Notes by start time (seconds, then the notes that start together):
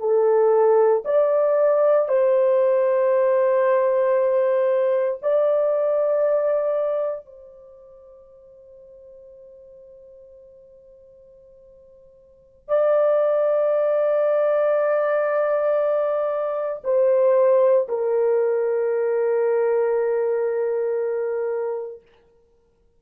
0.00 A4
1.05 D5
2.09 C5
5.22 D5
7.26 C5
12.69 D5
16.84 C5
17.89 A#4